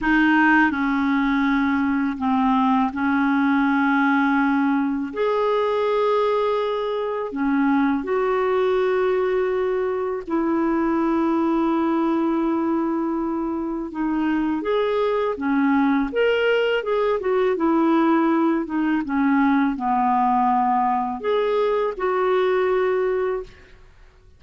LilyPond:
\new Staff \with { instrumentName = "clarinet" } { \time 4/4 \tempo 4 = 82 dis'4 cis'2 c'4 | cis'2. gis'4~ | gis'2 cis'4 fis'4~ | fis'2 e'2~ |
e'2. dis'4 | gis'4 cis'4 ais'4 gis'8 fis'8 | e'4. dis'8 cis'4 b4~ | b4 gis'4 fis'2 | }